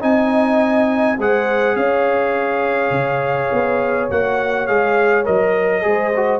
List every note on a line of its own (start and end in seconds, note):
0.00 1.18 C4
0.00 1.17 D#4
0.00 1.18 D#5
0.00 1.19 G#5
1.18 1.75 G#3
1.18 4.10 G#4
1.18 1.76 C5
1.18 1.76 F#5
1.75 2.90 C#4
1.75 5.84 C#5
1.75 4.09 F5
2.90 3.48 C#3
3.52 4.10 B3
4.10 4.68 A#3
4.10 4.67 F#4
4.10 4.67 F#5
4.67 5.26 G#3
4.67 5.24 G#4
4.67 5.25 F5
5.24 5.84 F#3
5.24 5.82 A#4
5.24 6.40 D#5
5.82 6.40 G#3
5.82 6.11 G#4
5.82 6.40 C5
6.16 6.40 F#4